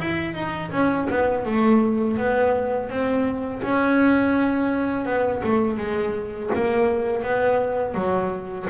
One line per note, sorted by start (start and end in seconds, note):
0.00 0.35 E4
0.35 0.71 D#4
0.72 1.08 C#4
1.10 1.46 B3
1.46 2.18 A3
2.18 2.90 B3
2.90 3.62 C4
3.63 5.06 C#4
5.06 5.42 B3
5.44 5.78 A3
5.78 6.51 G#3
6.55 7.24 A#3
7.24 7.95 B3
7.95 8.67 F#3